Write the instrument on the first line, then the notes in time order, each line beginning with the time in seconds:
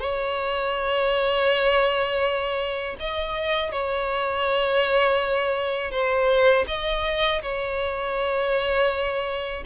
violin
0.00 C#5
3.00 D#5
3.72 C#5
5.91 C5
6.67 D#5
7.42 C#5